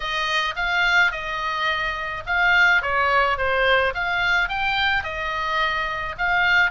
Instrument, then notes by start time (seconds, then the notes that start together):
oboe
0.00 D#5
0.56 F5
1.11 D#5
2.26 F5
2.82 C#5
3.37 C5
3.94 F5
4.48 G5
5.03 D#5
6.17 F5